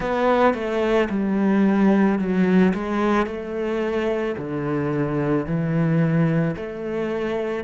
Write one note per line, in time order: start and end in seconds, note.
0.00 0.54 B3
0.54 1.08 A3
1.09 2.18 G3
2.18 2.73 F#3
2.74 3.26 G#3
3.26 4.35 A3
4.37 5.45 D3
5.45 6.55 E3
6.56 7.64 A3